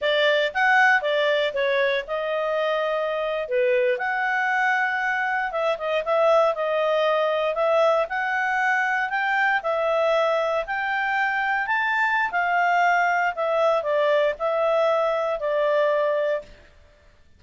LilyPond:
\new Staff \with { instrumentName = "clarinet" } { \time 4/4 \tempo 4 = 117 d''4 fis''4 d''4 cis''4 | dis''2~ dis''8. b'4 fis''16~ | fis''2~ fis''8. e''8 dis''8 e''16~ | e''8. dis''2 e''4 fis''16~ |
fis''4.~ fis''16 g''4 e''4~ e''16~ | e''8. g''2 a''4~ a''16 | f''2 e''4 d''4 | e''2 d''2 | }